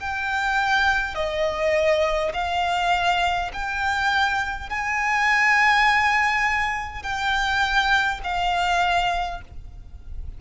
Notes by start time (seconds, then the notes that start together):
0.00 G5
1.15 D#5
2.34 F5
3.53 G5
4.70 G#5
7.03 G5
8.24 F5